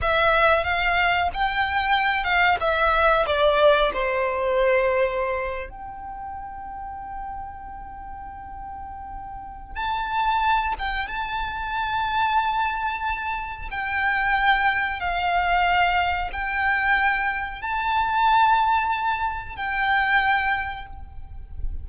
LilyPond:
\new Staff \with { instrumentName = "violin" } { \time 4/4 \tempo 4 = 92 e''4 f''4 g''4. f''8 | e''4 d''4 c''2~ | c''8. g''2.~ g''16~ | g''2. a''4~ |
a''8 g''8 a''2.~ | a''4 g''2 f''4~ | f''4 g''2 a''4~ | a''2 g''2 | }